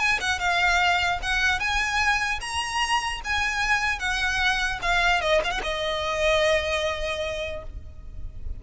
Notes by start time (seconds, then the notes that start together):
0.00 G#5
0.21 F#5
0.40 F5
1.23 F#5
1.60 G#5
2.41 A#5
3.25 G#5
4.00 F#5
4.83 F5
5.22 D#5
5.44 F5
5.51 F#5
5.64 D#5